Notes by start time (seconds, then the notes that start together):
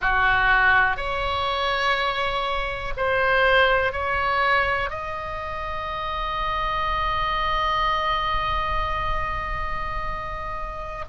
0.01 F#4
0.96 C#5
2.96 C5
3.92 C#5
4.90 D#5